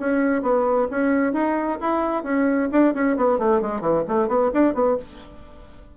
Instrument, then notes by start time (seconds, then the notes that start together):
bassoon
0.00 C#4
0.43 B3
0.91 C#4
1.33 D#4
1.81 E4
2.24 C#4
2.72 D4
2.95 C#4
3.17 B3
3.39 A3
3.62 G#3
3.81 E3
4.08 A3
4.29 B3
4.54 D4
4.74 B3